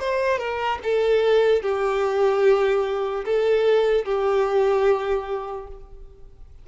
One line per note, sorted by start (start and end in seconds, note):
0.00 0.38 C5
0.38 0.79 A#4
0.84 1.63 A4
1.63 3.25 G4
3.25 4.05 A4
4.05 5.68 G4